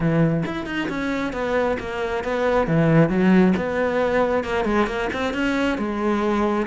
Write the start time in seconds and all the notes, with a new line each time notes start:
0.00 E3
0.45 E4
0.66 D#4
0.88 C#4
1.33 B3
1.79 A#3
2.23 B3
2.67 E3
3.09 F#3
3.57 B3
4.44 A#3
4.64 G#3
4.86 A#3
5.13 C4
5.33 C#4
5.78 G#3